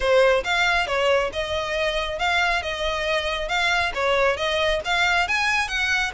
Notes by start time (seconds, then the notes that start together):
0.00 C5
0.44 F5
0.86 C#5
1.32 D#5
2.19 F5
2.62 D#5
3.48 F5
3.94 C#5
4.36 D#5
4.84 F5
5.28 G#5
5.67 F#5